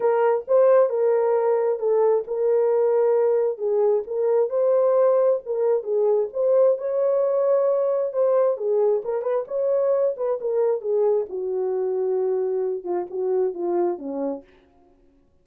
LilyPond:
\new Staff \with { instrumentName = "horn" } { \time 4/4 \tempo 4 = 133 ais'4 c''4 ais'2 | a'4 ais'2. | gis'4 ais'4 c''2 | ais'4 gis'4 c''4 cis''4~ |
cis''2 c''4 gis'4 | ais'8 b'8 cis''4. b'8 ais'4 | gis'4 fis'2.~ | fis'8 f'8 fis'4 f'4 cis'4 | }